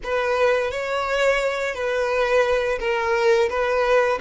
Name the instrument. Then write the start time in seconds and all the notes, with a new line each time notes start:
violin
0.03 B4
0.71 C#5
1.74 B4
2.79 A#4
3.49 B4